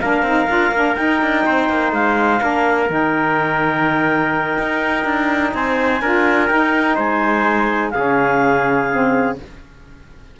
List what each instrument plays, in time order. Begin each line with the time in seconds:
0.00 cello A#3, saxophone D4, trumpet A#4, clarinet F5
0.22 cello C4, saxophone D#4
0.48 cello D4, saxophone F4
0.72 cello A#3, saxophone D4
0.96 saxophone D#4, cello D#4, clarinet G5
1.22 cello D4
1.46 cello C4, trumpet C5
1.69 cello A#3
1.92 cello G#3, clarinet F5
2.40 cello A#3, saxophone D4, trumpet A#4
2.89 cello D#3, saxophone D#4, clarinet G5
4.59 cello D#4
5.05 cello D4
5.54 cello C4, trumpet C5, clarinet G#5
6.02 cello D4, saxophone F4, trumpet A#4
6.48 saxophone D#4, cello D#4, clarinet G5
6.95 cello G#3, trumpet C5, clarinet G#5
7.91 cello C#3, saxophone C#4, trumpet G#4, clarinet F5
8.92 saxophone C4